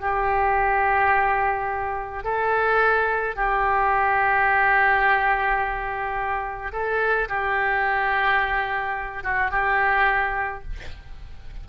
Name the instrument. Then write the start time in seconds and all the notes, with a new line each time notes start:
oboe
0.00 G4
2.24 A4
3.36 G4
6.72 A4
7.28 G4
9.23 F#4
9.51 G4